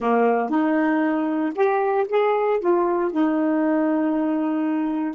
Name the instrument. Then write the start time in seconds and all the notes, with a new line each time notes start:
saxophone
0.00 A#3
0.49 D#4
1.55 G4
2.08 G#4
2.60 F4
3.11 D#4